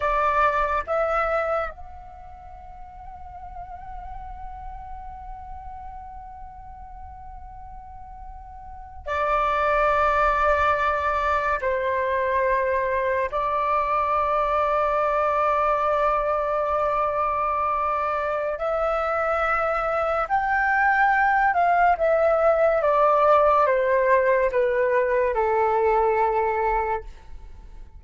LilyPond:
\new Staff \with { instrumentName = "flute" } { \time 4/4 \tempo 4 = 71 d''4 e''4 fis''2~ | fis''1~ | fis''2~ fis''8. d''4~ d''16~ | d''4.~ d''16 c''2 d''16~ |
d''1~ | d''2 e''2 | g''4. f''8 e''4 d''4 | c''4 b'4 a'2 | }